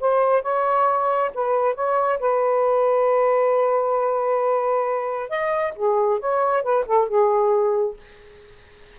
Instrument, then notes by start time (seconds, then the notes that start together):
saxophone
0.00 C5
0.42 C#5
1.34 B4
1.74 C#5
2.19 B4
5.29 D#5
5.75 G#4
6.19 C#5
6.62 B4
6.86 A4
7.08 G#4